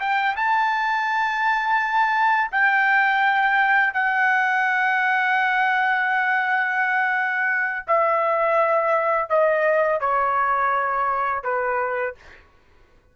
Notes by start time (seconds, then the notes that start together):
0.00 G5
0.36 A5
2.52 G5
3.94 F#5
7.87 E5
9.30 D#5
10.01 C#5
11.44 B4